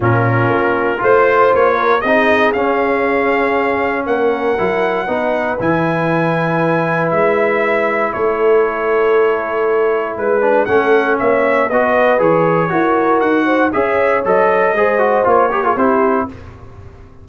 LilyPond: <<
  \new Staff \with { instrumentName = "trumpet" } { \time 4/4 \tempo 4 = 118 ais'2 c''4 cis''4 | dis''4 f''2. | fis''2. gis''4~ | gis''2 e''2 |
cis''1 | b'4 fis''4 e''4 dis''4 | cis''2 fis''4 e''4 | dis''2 cis''4 c''4 | }
  \new Staff \with { instrumentName = "horn" } { \time 4/4 f'2 c''4. ais'8 | gis'1 | ais'2 b'2~ | b'1 |
a'1 | b'4 a'4 cis''4 b'4~ | b'4 ais'4. c''8 cis''4~ | cis''4 c''4. ais'16 gis'16 g'4 | }
  \new Staff \with { instrumentName = "trombone" } { \time 4/4 cis'2 f'2 | dis'4 cis'2.~ | cis'4 e'4 dis'4 e'4~ | e'1~ |
e'1~ | e'8 d'8 cis'2 fis'4 | gis'4 fis'2 gis'4 | a'4 gis'8 fis'8 f'8 g'16 f'16 e'4 | }
  \new Staff \with { instrumentName = "tuba" } { \time 4/4 ais,4 ais4 a4 ais4 | c'4 cis'2. | ais4 fis4 b4 e4~ | e2 gis2 |
a1 | gis4 a4 ais4 b4 | e4 e'4 dis'4 cis'4 | fis4 gis4 ais4 c'4 | }
>>